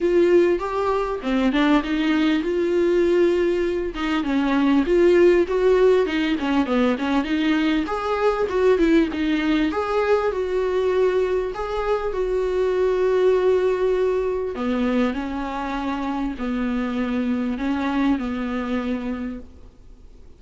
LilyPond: \new Staff \with { instrumentName = "viola" } { \time 4/4 \tempo 4 = 99 f'4 g'4 c'8 d'8 dis'4 | f'2~ f'8 dis'8 cis'4 | f'4 fis'4 dis'8 cis'8 b8 cis'8 | dis'4 gis'4 fis'8 e'8 dis'4 |
gis'4 fis'2 gis'4 | fis'1 | b4 cis'2 b4~ | b4 cis'4 b2 | }